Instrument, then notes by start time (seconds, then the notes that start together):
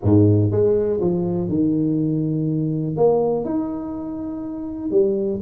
tuba
0.02 G#2
0.51 G#3
1.00 F3
1.48 D#3
2.96 A#3
3.44 D#4
4.90 G3